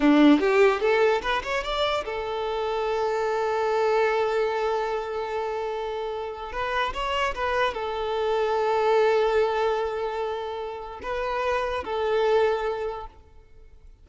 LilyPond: \new Staff \with { instrumentName = "violin" } { \time 4/4 \tempo 4 = 147 d'4 g'4 a'4 b'8 cis''8 | d''4 a'2.~ | a'1~ | a'1 |
b'4 cis''4 b'4 a'4~ | a'1~ | a'2. b'4~ | b'4 a'2. | }